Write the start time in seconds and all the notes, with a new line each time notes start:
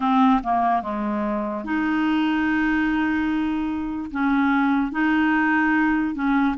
0.00 C4
0.43 A#3
0.82 G#3
1.64 D#4
4.11 C#4
4.91 D#4
6.14 C#4